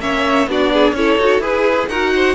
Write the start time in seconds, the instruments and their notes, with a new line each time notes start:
0.00 cello A#3, viola C#4, violin C#5 E5
0.47 cello B3, viola D4, violin F#4 D5
0.73 violin G#4
0.93 cello C#4, viola E4, violin A4 C#5
1.18 cello D#4, viola F#4
1.40 cello E4, viola G#4, violin G#4 B4
1.88 cello D#4, viola F#4, violin A#4 F#5
2.15 violin C5